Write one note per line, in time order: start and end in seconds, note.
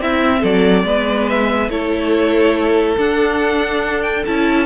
0.00 0.43 C4
0.00 0.85 C4
0.00 0.41 E4
0.00 0.44 E5
0.41 0.83 F#3
0.41 0.83 A4
0.41 1.29 D5
0.83 1.69 G#3
0.83 1.70 B3
0.83 1.71 B4
1.29 1.70 E5
1.69 2.97 A3
1.69 2.98 E4
1.69 4.66 A4
1.69 2.97 C#5
2.98 4.25 D4
2.98 4.26 D4
2.98 4.02 F#5
4.02 4.24 G5
4.26 4.66 C#4
4.26 4.66 E4
4.26 4.66 A5